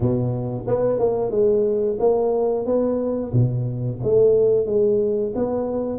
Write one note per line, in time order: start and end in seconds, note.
0.00 0.65 B2
0.67 0.99 B3
0.99 1.31 A#3
1.31 1.97 G#3
1.99 2.65 A#3
2.65 3.32 B3
3.32 3.99 B2
4.03 4.66 A3
4.66 5.32 G#3
5.35 5.99 B3